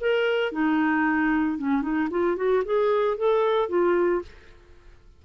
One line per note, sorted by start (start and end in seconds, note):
0.00 0.52 A#4
0.52 1.58 D#4
1.58 1.82 C#4
1.82 2.08 D#4
2.10 2.36 F4
2.36 2.63 F#4
2.65 3.17 G#4
3.17 3.69 A4
3.69 4.22 F4